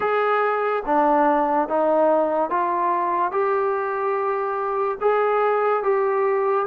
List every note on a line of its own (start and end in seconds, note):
0.00 0.83 G#4
0.85 1.68 D4
1.68 2.50 D#4
2.50 3.31 F4
3.31 4.98 G4
5.00 5.83 G#4
5.83 6.66 G4